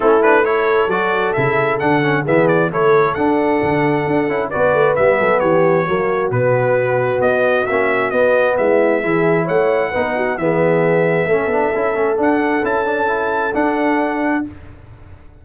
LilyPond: <<
  \new Staff \with { instrumentName = "trumpet" } { \time 4/4 \tempo 4 = 133 a'8 b'8 cis''4 d''4 e''4 | fis''4 e''8 d''8 cis''4 fis''4~ | fis''2 d''4 e''4 | cis''2 b'2 |
dis''4 e''4 dis''4 e''4~ | e''4 fis''2 e''4~ | e''2. fis''4 | a''2 fis''2 | }
  \new Staff \with { instrumentName = "horn" } { \time 4/4 e'4 a'2.~ | a'4 gis'4 a'2~ | a'2 b'4. a'8 | g'4 fis'2.~ |
fis'2. e'4 | gis'4 cis''4 b'8 fis'8 gis'4~ | gis'4 a'2.~ | a'1 | }
  \new Staff \with { instrumentName = "trombone" } { \time 4/4 cis'8 d'8 e'4 fis'4 e'4 | d'8 cis'8 b4 e'4 d'4~ | d'4. e'8 fis'4 b4~ | b4 ais4 b2~ |
b4 cis'4 b2 | e'2 dis'4 b4~ | b4 cis'8 d'8 e'8 cis'8 d'4 | e'8 d'8 e'4 d'2 | }
  \new Staff \with { instrumentName = "tuba" } { \time 4/4 a2 fis4 cis4 | d4 e4 a4 d'4 | d4 d'8 cis'8 b8 a8 g8 fis8 | e4 fis4 b,2 |
b4 ais4 b4 gis4 | e4 a4 b4 e4~ | e4 a8 b8 cis'8 a8 d'4 | cis'2 d'2 | }
>>